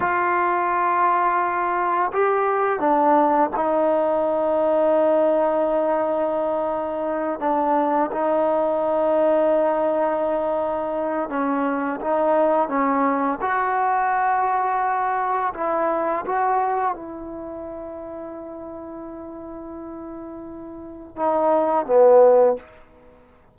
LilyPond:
\new Staff \with { instrumentName = "trombone" } { \time 4/4 \tempo 4 = 85 f'2. g'4 | d'4 dis'2.~ | dis'2~ dis'8 d'4 dis'8~ | dis'1 |
cis'4 dis'4 cis'4 fis'4~ | fis'2 e'4 fis'4 | e'1~ | e'2 dis'4 b4 | }